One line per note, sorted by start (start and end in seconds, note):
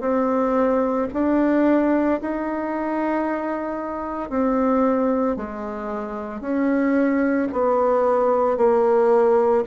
0.00 1.07 C4
1.13 2.20 D4
2.21 4.30 D#4
4.30 5.36 C4
5.36 6.40 G#3
6.40 7.48 C#4
7.52 8.57 B3
8.57 9.64 A#3